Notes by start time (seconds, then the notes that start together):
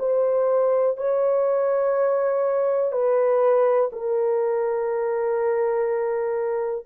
0.00 C5
0.98 C#5
2.92 B4
3.93 A#4